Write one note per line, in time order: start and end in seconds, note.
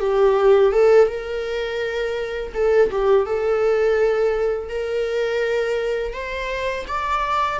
0.00 0.72 G4
0.73 1.08 A4
1.08 2.53 A#4
2.54 2.90 A4
2.91 3.26 G4
3.26 4.69 A4
4.69 6.13 A#4
6.13 6.85 C5
6.87 7.59 D5